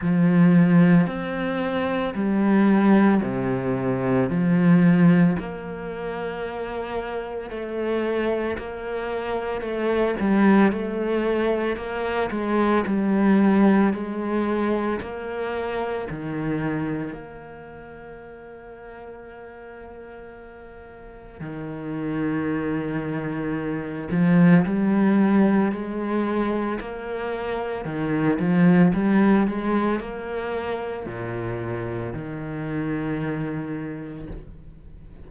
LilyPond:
\new Staff \with { instrumentName = "cello" } { \time 4/4 \tempo 4 = 56 f4 c'4 g4 c4 | f4 ais2 a4 | ais4 a8 g8 a4 ais8 gis8 | g4 gis4 ais4 dis4 |
ais1 | dis2~ dis8 f8 g4 | gis4 ais4 dis8 f8 g8 gis8 | ais4 ais,4 dis2 | }